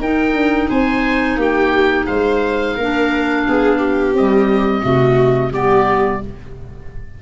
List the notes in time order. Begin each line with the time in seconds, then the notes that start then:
0.00 D#4 A#4 G5
0.34 D4
0.70 C4 C5 G#5
1.37 A#3 G4 G5
2.06 G#3 C5 F5
2.77 A#3 D4 A#4
3.49 B3 G#4
3.79 G4
4.14 G3 C4 D#5
4.82 C3 A3 F#4
5.52 G3 B3 G4 D5